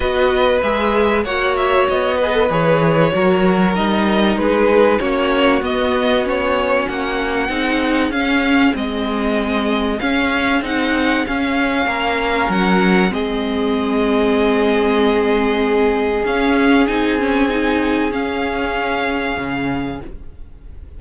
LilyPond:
<<
  \new Staff \with { instrumentName = "violin" } { \time 4/4 \tempo 4 = 96 dis''4 e''4 fis''8 e''8 dis''4 | cis''2 dis''4 b'4 | cis''4 dis''4 cis''4 fis''4~ | fis''4 f''4 dis''2 |
f''4 fis''4 f''2 | fis''4 dis''2.~ | dis''2 f''4 gis''4~ | gis''4 f''2. | }
  \new Staff \with { instrumentName = "violin" } { \time 4/4 b'2 cis''4. b'8~ | b'4 ais'2 gis'4 | fis'1 | gis'1~ |
gis'2. ais'4~ | ais'4 gis'2.~ | gis'1~ | gis'1 | }
  \new Staff \with { instrumentName = "viola" } { \time 4/4 fis'4 gis'4 fis'4. gis'16 a'16 | gis'4 fis'4 dis'2 | cis'4 b4 cis'2 | dis'4 cis'4 c'2 |
cis'4 dis'4 cis'2~ | cis'4 c'2.~ | c'2 cis'4 dis'8 cis'8 | dis'4 cis'2. | }
  \new Staff \with { instrumentName = "cello" } { \time 4/4 b4 gis4 ais4 b4 | e4 fis4 g4 gis4 | ais4 b2 ais4 | c'4 cis'4 gis2 |
cis'4 c'4 cis'4 ais4 | fis4 gis2.~ | gis2 cis'4 c'4~ | c'4 cis'2 cis4 | }
>>